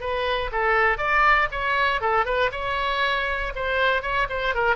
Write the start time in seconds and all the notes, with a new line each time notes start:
0.00 B4
0.52 A4
0.98 D5
1.51 C#5
2.01 A4
2.25 B4
2.52 C#5
3.55 C5
4.02 C#5
4.29 C5
4.54 A#4